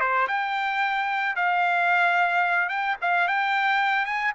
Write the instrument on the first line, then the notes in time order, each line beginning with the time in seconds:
trumpet
0.00 C5
0.27 G5
1.36 F5
2.69 G5
3.01 F5
3.27 G5
4.05 G#5